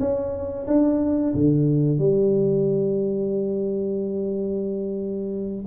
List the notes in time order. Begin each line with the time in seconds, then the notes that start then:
0.00 C#4
0.68 D4
1.35 D3
1.98 G3